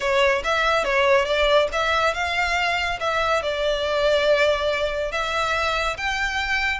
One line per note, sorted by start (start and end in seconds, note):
0.00 0.42 C#5
0.44 0.84 E5
0.84 1.25 C#5
1.25 1.68 D5
1.72 2.14 E5
2.14 2.99 F5
3.00 3.42 E5
3.42 5.11 D5
5.11 5.96 E5
5.97 6.79 G5